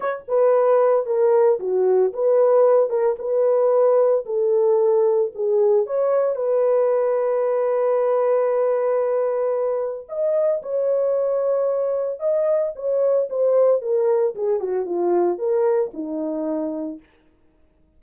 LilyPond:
\new Staff \with { instrumentName = "horn" } { \time 4/4 \tempo 4 = 113 cis''8 b'4. ais'4 fis'4 | b'4. ais'8 b'2 | a'2 gis'4 cis''4 | b'1~ |
b'2. dis''4 | cis''2. dis''4 | cis''4 c''4 ais'4 gis'8 fis'8 | f'4 ais'4 dis'2 | }